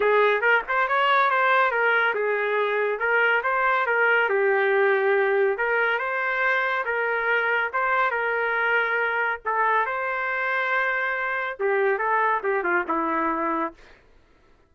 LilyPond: \new Staff \with { instrumentName = "trumpet" } { \time 4/4 \tempo 4 = 140 gis'4 ais'8 c''8 cis''4 c''4 | ais'4 gis'2 ais'4 | c''4 ais'4 g'2~ | g'4 ais'4 c''2 |
ais'2 c''4 ais'4~ | ais'2 a'4 c''4~ | c''2. g'4 | a'4 g'8 f'8 e'2 | }